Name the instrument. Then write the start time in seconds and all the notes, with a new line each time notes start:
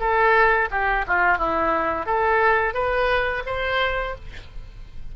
oboe
0.00 A4
0.71 G4
1.07 F4
1.38 E4
2.06 A4
2.74 B4
3.46 C5